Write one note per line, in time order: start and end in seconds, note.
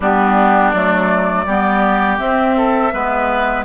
0.00 0.73 G3
0.00 0.74 B3
0.00 1.44 D4
0.00 0.71 G4
0.71 1.46 F#3
0.71 1.47 A3
0.71 2.17 D5
1.46 2.19 G3
1.46 2.19 B3
1.46 2.56 G4
2.18 2.92 C4
2.18 3.64 E5
2.56 2.93 A4
2.92 3.65 G#3
2.92 3.65 B3
2.92 3.65 B4